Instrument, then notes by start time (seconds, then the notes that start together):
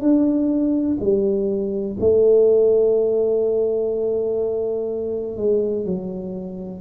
tuba
0.00 D4
0.99 G3
1.99 A3
5.36 G#3
5.85 F#3